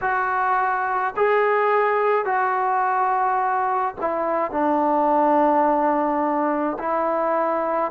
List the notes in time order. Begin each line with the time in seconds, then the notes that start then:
0.01 F#4
1.16 G#4
2.25 F#4
4.00 E4
4.51 D4
6.79 E4